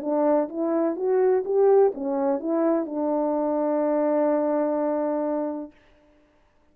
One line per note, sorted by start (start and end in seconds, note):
0.00 0.48 D4
0.48 0.95 E4
0.95 1.43 F#4
1.44 1.92 G4
1.94 2.39 C#4
2.39 2.85 E4
2.85 5.71 D4